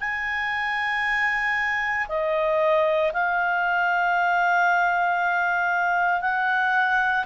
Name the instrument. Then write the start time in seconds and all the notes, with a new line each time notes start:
clarinet
0.00 G#5
2.08 D#5
3.13 F5
6.21 F#5